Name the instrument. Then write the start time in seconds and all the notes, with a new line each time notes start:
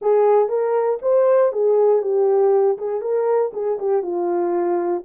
horn
0.01 G#4
0.48 A#4
1.02 C5
1.52 G#4
2.02 G4
2.78 G#4
3.01 A#4
3.53 G#4
3.79 G4
4.02 F4